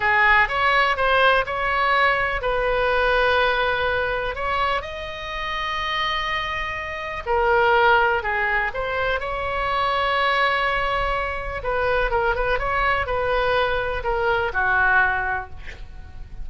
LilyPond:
\new Staff \with { instrumentName = "oboe" } { \time 4/4 \tempo 4 = 124 gis'4 cis''4 c''4 cis''4~ | cis''4 b'2.~ | b'4 cis''4 dis''2~ | dis''2. ais'4~ |
ais'4 gis'4 c''4 cis''4~ | cis''1 | b'4 ais'8 b'8 cis''4 b'4~ | b'4 ais'4 fis'2 | }